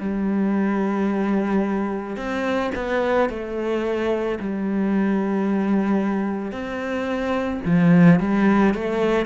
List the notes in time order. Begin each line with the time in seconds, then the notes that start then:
0.00 G3
2.17 C4
2.75 B3
3.30 A3
4.40 G3
6.52 C4
7.66 F3
8.20 G3
8.75 A3